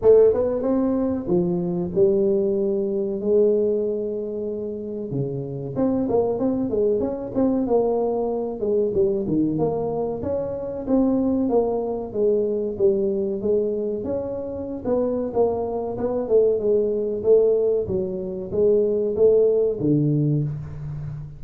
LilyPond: \new Staff \with { instrumentName = "tuba" } { \time 4/4 \tempo 4 = 94 a8 b8 c'4 f4 g4~ | g4 gis2. | cis4 c'8 ais8 c'8 gis8 cis'8 c'8 | ais4. gis8 g8 dis8 ais4 |
cis'4 c'4 ais4 gis4 | g4 gis4 cis'4~ cis'16 b8. | ais4 b8 a8 gis4 a4 | fis4 gis4 a4 d4 | }